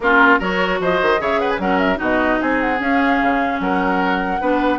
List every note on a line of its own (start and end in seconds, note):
0.00 0.40 A#3
0.00 0.40 C#4
0.00 0.39 F4
0.00 0.40 A#4
0.39 0.80 F#3
0.39 1.18 F#4
0.39 0.79 A#4
0.39 0.81 C#5
0.80 1.00 F3
0.80 1.20 C5
0.80 1.22 D#5
1.02 1.20 D#3
1.18 1.59 C#3
1.18 1.58 G#4
1.18 1.40 C#5
1.18 1.40 E5
1.40 1.60 B4
1.40 1.49 F#5
1.49 1.59 G#5
1.59 1.99 F#3
1.59 1.96 C#4
1.59 1.99 A#4
1.59 1.79 F#5
1.79 1.99 E5
1.96 2.40 B2
1.96 2.76 D#4
1.96 2.39 F#4
1.96 2.41 D#5
2.41 2.80 C4
2.41 3.61 G#4
2.41 2.61 G#5
2.61 2.81 F#5
2.79 4.39 C#4
2.79 3.20 C#4
2.79 3.59 F5
3.21 3.59 C#3
3.59 4.39 F#3
3.59 4.40 A#4
3.59 4.79 F#5
4.40 4.79 B3
4.40 4.79 D4
4.40 4.79 B4